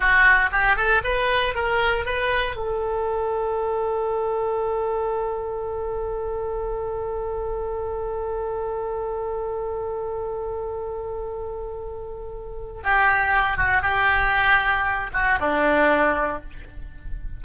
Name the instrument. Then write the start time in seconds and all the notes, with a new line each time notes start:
oboe
0.00 F#4
0.52 G4
0.76 A4
1.03 B4
1.55 A#4
2.05 B4
2.56 A4
12.83 G4
13.57 F#4
13.82 G4
15.13 F#4
15.40 D4